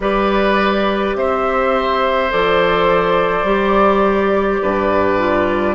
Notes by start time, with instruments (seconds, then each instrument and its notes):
0.00 bassoon G3, clarinet G4, oboe B4, flute D5
1.15 bassoon C4, oboe C5, flute E5
2.30 bassoon F3, clarinet A4, flute D5
3.43 bassoon G3, clarinet G4
4.62 bassoon G2, oboe B4
5.19 clarinet F4